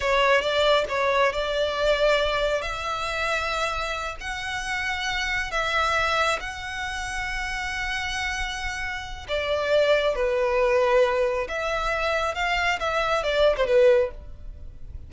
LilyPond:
\new Staff \with { instrumentName = "violin" } { \time 4/4 \tempo 4 = 136 cis''4 d''4 cis''4 d''4~ | d''2 e''2~ | e''4. fis''2~ fis''8~ | fis''8 e''2 fis''4.~ |
fis''1~ | fis''4 d''2 b'4~ | b'2 e''2 | f''4 e''4 d''8. c''16 b'4 | }